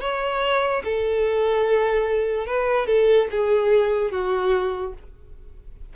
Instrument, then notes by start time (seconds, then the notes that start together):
violin
0.00 C#5
0.84 A4
2.46 B4
2.86 A4
3.31 G#4
4.11 F#4